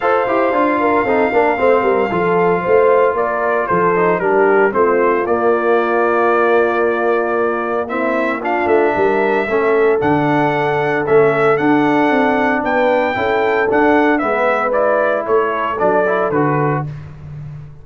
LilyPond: <<
  \new Staff \with { instrumentName = "trumpet" } { \time 4/4 \tempo 4 = 114 f''1~ | f''2 d''4 c''4 | ais'4 c''4 d''2~ | d''2. e''4 |
f''8 e''2~ e''8 fis''4~ | fis''4 e''4 fis''2 | g''2 fis''4 e''4 | d''4 cis''4 d''4 b'4 | }
  \new Staff \with { instrumentName = "horn" } { \time 4/4 c''4. ais'8 a'8 ais'8 c''8 ais'8 | a'4 c''4 ais'4 a'4 | g'4 f'2.~ | f'2. e'4 |
f'4 ais'4 a'2~ | a'1 | b'4 a'2 b'4~ | b'4 a'2. | }
  \new Staff \with { instrumentName = "trombone" } { \time 4/4 a'8 g'8 f'4 dis'8 d'8 c'4 | f'2.~ f'8 dis'8 | d'4 c'4 ais2~ | ais2. c'4 |
d'2 cis'4 d'4~ | d'4 cis'4 d'2~ | d'4 e'4 d'4 b4 | e'2 d'8 e'8 fis'4 | }
  \new Staff \with { instrumentName = "tuba" } { \time 4/4 f'8 e'8 d'4 c'8 ais8 a8 g8 | f4 a4 ais4 f4 | g4 a4 ais2~ | ais1~ |
ais8 a8 g4 a4 d4~ | d4 a4 d'4 c'4 | b4 cis'4 d'4 gis4~ | gis4 a4 fis4 d4 | }
>>